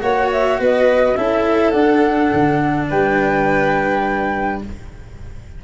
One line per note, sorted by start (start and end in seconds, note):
0.00 0.59 A#3
0.00 1.15 F#4
0.00 0.60 C#5
0.00 0.30 F#5
0.32 0.61 E5
0.59 1.17 B3
0.59 1.17 B4
0.59 1.16 D#5
1.16 1.74 C#4
1.16 1.73 E4
1.16 2.89 A4
1.16 1.71 E5
1.71 4.62 D4
1.71 2.31 D4
1.71 2.86 F#5
2.34 2.91 D3
2.89 4.64 G3
2.89 4.62 B4
2.89 4.63 G5